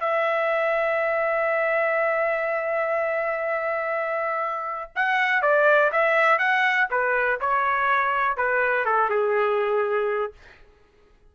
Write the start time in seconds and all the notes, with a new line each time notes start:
0.00 E5
4.96 F#5
5.42 D5
5.92 E5
6.38 F#5
6.91 B4
7.40 C#5
8.37 B4
8.85 A4
9.10 G#4